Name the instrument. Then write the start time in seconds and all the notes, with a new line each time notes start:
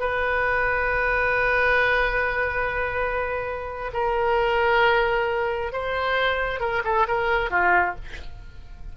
oboe
0.00 B4
3.94 A#4
5.73 C5
6.60 A#4
6.85 A4
7.08 A#4
7.51 F4